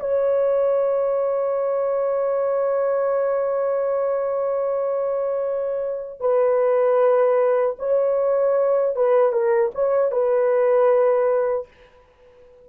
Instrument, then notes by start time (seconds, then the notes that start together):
horn
0.00 C#5
6.21 B4
7.79 C#5
8.96 B4
9.32 A#4
9.75 C#5
10.12 B4